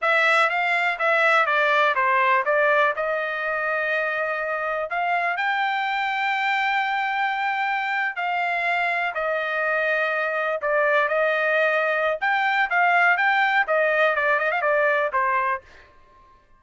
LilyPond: \new Staff \with { instrumentName = "trumpet" } { \time 4/4 \tempo 4 = 123 e''4 f''4 e''4 d''4 | c''4 d''4 dis''2~ | dis''2 f''4 g''4~ | g''1~ |
g''8. f''2 dis''4~ dis''16~ | dis''4.~ dis''16 d''4 dis''4~ dis''16~ | dis''4 g''4 f''4 g''4 | dis''4 d''8 dis''16 f''16 d''4 c''4 | }